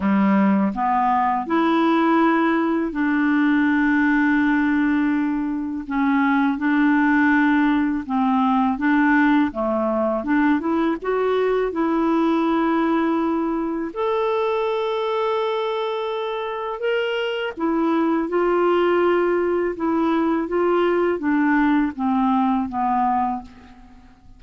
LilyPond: \new Staff \with { instrumentName = "clarinet" } { \time 4/4 \tempo 4 = 82 g4 b4 e'2 | d'1 | cis'4 d'2 c'4 | d'4 a4 d'8 e'8 fis'4 |
e'2. a'4~ | a'2. ais'4 | e'4 f'2 e'4 | f'4 d'4 c'4 b4 | }